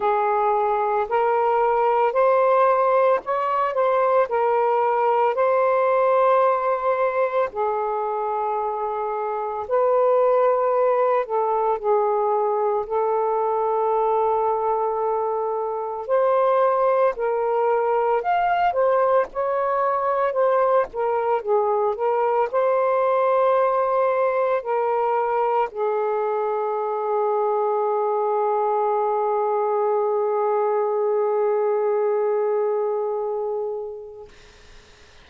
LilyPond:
\new Staff \with { instrumentName = "saxophone" } { \time 4/4 \tempo 4 = 56 gis'4 ais'4 c''4 cis''8 c''8 | ais'4 c''2 gis'4~ | gis'4 b'4. a'8 gis'4 | a'2. c''4 |
ais'4 f''8 c''8 cis''4 c''8 ais'8 | gis'8 ais'8 c''2 ais'4 | gis'1~ | gis'1 | }